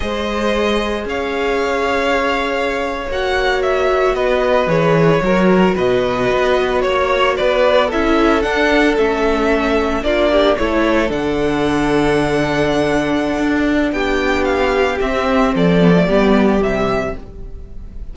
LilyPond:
<<
  \new Staff \with { instrumentName = "violin" } { \time 4/4 \tempo 4 = 112 dis''2 f''2~ | f''4.~ f''16 fis''4 e''4 dis''16~ | dis''8. cis''2 dis''4~ dis''16~ | dis''8. cis''4 d''4 e''4 fis''16~ |
fis''8. e''2 d''4 cis''16~ | cis''8. fis''2.~ fis''16~ | fis''2 g''4 f''4 | e''4 d''2 e''4 | }
  \new Staff \with { instrumentName = "violin" } { \time 4/4 c''2 cis''2~ | cis''2.~ cis''8. b'16~ | b'4.~ b'16 ais'4 b'4~ b'16~ | b'8. cis''4 b'4 a'4~ a'16~ |
a'2~ a'8. f'8 g'8 a'16~ | a'1~ | a'2 g'2~ | g'4 a'4 g'2 | }
  \new Staff \with { instrumentName = "viola" } { \time 4/4 gis'1~ | gis'4.~ gis'16 fis'2~ fis'16~ | fis'8. gis'4 fis'2~ fis'16~ | fis'2~ fis'8. e'4 d'16~ |
d'8. cis'2 d'4 e'16~ | e'8. d'2.~ d'16~ | d'1 | c'4. b16 a16 b4 g4 | }
  \new Staff \with { instrumentName = "cello" } { \time 4/4 gis2 cis'2~ | cis'4.~ cis'16 ais2 b16~ | b8. e4 fis4 b,4 b16~ | b8. ais4 b4 cis'4 d'16~ |
d'8. a2 ais4 a16~ | a8. d2.~ d16~ | d4 d'4 b2 | c'4 f4 g4 c4 | }
>>